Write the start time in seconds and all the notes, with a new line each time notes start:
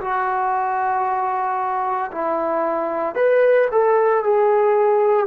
0.00 F#4
2.11 E4
3.15 B4
3.71 A4
4.23 G#4